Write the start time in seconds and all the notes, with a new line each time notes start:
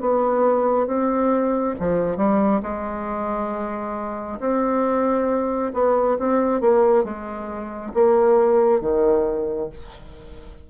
0.00 B3
0.87 C4
1.80 F3
2.17 G3
2.62 G#3
4.40 C4
5.73 B3
6.18 C4
6.61 A#3
7.04 G#3
7.94 A#3
8.81 D#3